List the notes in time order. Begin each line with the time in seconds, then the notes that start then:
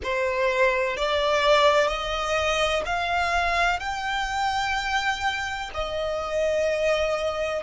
0.03 C5
0.97 D5
1.87 D#5
2.85 F5
3.79 G5
5.74 D#5